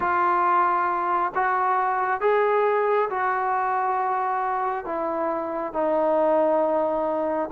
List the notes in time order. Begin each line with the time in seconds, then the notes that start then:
0.00 F4
1.34 F#4
2.21 G#4
3.10 F#4
4.85 E4
5.73 D#4